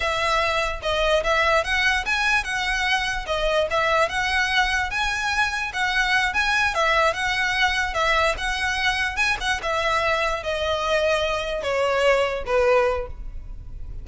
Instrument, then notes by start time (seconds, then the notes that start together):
violin
0.00 E5
0.82 D#5
1.23 E5
1.64 F#5
2.05 G#5
2.44 F#5
3.26 D#5
3.70 E5
4.08 F#5
4.90 G#5
5.73 F#5
6.33 G#5
6.74 E5
7.13 F#5
7.94 E5
8.37 F#5
9.16 G#5
9.40 F#5
9.62 E5
10.43 D#5
11.62 C#5
12.45 B4